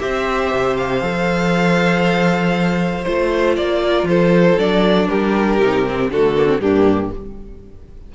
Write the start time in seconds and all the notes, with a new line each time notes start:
0.00 C4 G4 C5 E5
0.52 C3
0.77 F5
1.02 F3 A4
3.05 A3 F4 C5
3.57 A#3 D5
3.83 A#4
4.03 F3 A4 C5
4.59 F#3 D4 D5
5.09 G3 G4 A#4
5.60 C3 D#4
5.86 C4
6.09 D3 A3 F#4 A4
6.37 A#3
6.47 C4
6.60 G2 A#3 D4 G4